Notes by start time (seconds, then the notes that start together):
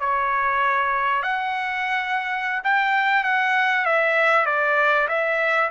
0.00 C#5
1.23 F#5
2.64 G5
3.24 F#5
3.85 E5
4.46 D5
5.09 E5